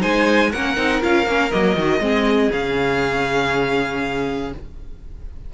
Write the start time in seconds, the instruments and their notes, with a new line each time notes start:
0.00 cello G#3, viola D#4, violin C5 G#5
0.51 cello A#3, viola C#4, violin A#4 F#5
0.76 cello C4, viola D#4
1.01 cello C#4, viola F4, violin F5
1.27 cello A#3, viola C#4
1.51 cello F#3, viola A#3, violin D#5
1.76 cello D#3, viola F#4
2.00 cello G#3, viola C4, violin G#4
2.53 cello C#3, viola C#4, violin F5